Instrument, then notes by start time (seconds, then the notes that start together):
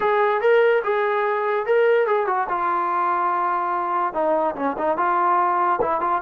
trombone
0.00 G#4
0.41 A#4
0.84 G#4
1.66 A#4
2.07 G#4
2.26 F#4
2.48 F4
4.13 D#4
4.55 C#4
4.78 D#4
4.97 F4
5.81 E4
6.00 F4